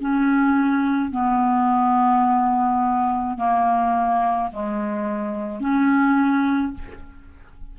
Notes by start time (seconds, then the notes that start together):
0.00 C#4
1.11 B3
3.38 A#3
4.52 G#3
5.60 C#4